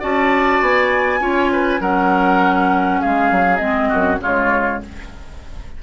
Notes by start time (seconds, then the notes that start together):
0.00 C#4 F#4 D5 A5
0.61 B3 G#5
1.20 C#4 F4 C#5
1.53 B4
1.80 F#3 C#4 A#4 F#5
3.01 G#3 G#4 F5
3.31 F#3
3.57 G#3 C4 D#5
3.89 F#2 F#4
4.21 C#3 G#3 F4 C#5